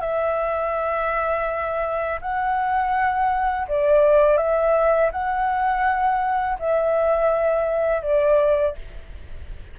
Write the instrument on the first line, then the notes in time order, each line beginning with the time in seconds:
flute
0.00 E5
2.21 F#5
3.68 D5
4.37 E5
5.12 F#5
6.59 E5
8.02 D5